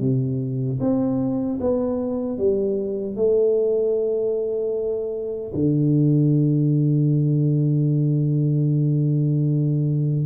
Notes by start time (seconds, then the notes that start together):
0.00 C3
0.80 C4
1.60 B3
2.38 G3
3.16 A3
5.54 D3